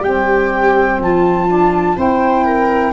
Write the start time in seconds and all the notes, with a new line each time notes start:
0.00 G3 C4 G4 G5
0.99 F3 F4 A5
1.48 D4
1.95 C4 E4 C5 G5
2.44 A#4